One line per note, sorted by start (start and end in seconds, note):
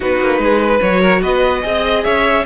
0.00 0.20 B3
0.00 0.79 D#4
0.00 0.40 F#4
0.00 0.81 B4
0.20 0.38 A#3
0.38 0.79 G#3
0.38 0.61 G#4
0.61 1.00 B4
0.81 1.22 F#3
0.81 1.62 F#4
0.81 1.22 C#5
1.00 1.21 A#4
1.21 1.63 B3
1.21 1.62 B4
1.21 2.04 D#5
1.62 2.05 C4
1.62 2.43 G#4
1.62 2.04 D#5
2.04 2.46 C#4
2.04 2.45 C#5
2.04 2.44 E5